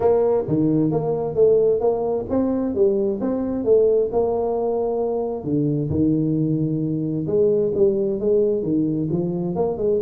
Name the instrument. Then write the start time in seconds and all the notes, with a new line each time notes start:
tuba
0.00 A#3
0.47 D#3
0.91 A#3
1.35 A3
1.80 A#3
2.29 C4
2.74 G3
3.20 C4
3.64 A3
4.12 A#3
5.44 D3
5.90 D#3
7.26 G#3
7.74 G3
8.20 G#3
8.62 D#3
9.10 F3
9.55 A#3
9.77 G#3